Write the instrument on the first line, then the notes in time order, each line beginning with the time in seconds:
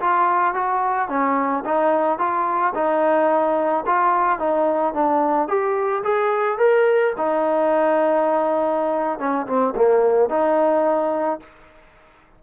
trombone
0.00 F4
0.54 F#4
1.09 C#4
1.65 D#4
2.19 F4
2.75 D#4
3.86 F4
4.39 D#4
4.94 D4
5.48 G4
6.04 G#4
6.58 A#4
7.17 D#4
9.19 C#4
9.47 C4
9.76 A#3
10.30 D#4